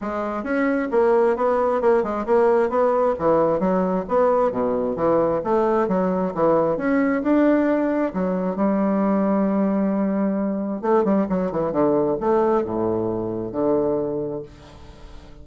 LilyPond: \new Staff \with { instrumentName = "bassoon" } { \time 4/4 \tempo 4 = 133 gis4 cis'4 ais4 b4 | ais8 gis8 ais4 b4 e4 | fis4 b4 b,4 e4 | a4 fis4 e4 cis'4 |
d'2 fis4 g4~ | g1 | a8 g8 fis8 e8 d4 a4 | a,2 d2 | }